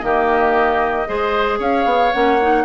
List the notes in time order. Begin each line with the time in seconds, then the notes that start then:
0.00 D#3 A#3 G4 D#5
1.07 G#3 G#4 C5
1.59 C#4 C#5 F5
1.85 B3
2.13 A#3 C#4 F#5
2.41 D#4